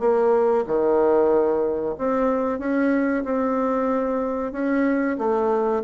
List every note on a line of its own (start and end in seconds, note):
0.00 0.65 A#3
0.67 1.96 D#3
1.98 2.59 C4
2.59 3.24 C#4
3.24 4.52 C4
4.52 5.17 C#4
5.18 5.83 A3